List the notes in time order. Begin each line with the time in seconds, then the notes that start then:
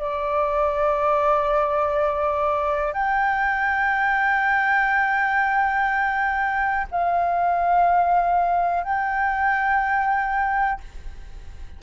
0.00 D5
2.93 G5
6.91 F5
8.83 G5